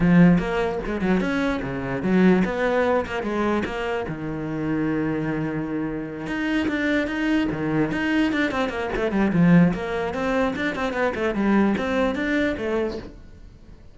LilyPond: \new Staff \with { instrumentName = "cello" } { \time 4/4 \tempo 4 = 148 f4 ais4 gis8 fis8 cis'4 | cis4 fis4 b4. ais8 | gis4 ais4 dis2~ | dis2.~ dis8 dis'8~ |
dis'8 d'4 dis'4 dis4 dis'8~ | dis'8 d'8 c'8 ais8 a8 g8 f4 | ais4 c'4 d'8 c'8 b8 a8 | g4 c'4 d'4 a4 | }